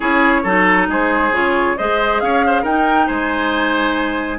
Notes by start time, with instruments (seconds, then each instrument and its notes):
0.00 bassoon C#4, clarinet E4, oboe G#4, flute C#5
0.43 bassoon F#3, clarinet D#4, oboe A4
0.88 bassoon G#3, oboe G#4, flute C5
1.31 bassoon C#3, clarinet F4, flute C#5
1.77 bassoon G#3, clarinet G#4, oboe C5, flute D#5
2.20 bassoon C#4, oboe C#5, flute F5
2.46 oboe C5
2.62 bassoon D#4, clarinet D#4, oboe A#4, flute G5
3.06 bassoon G#3, oboe C5, flute G#5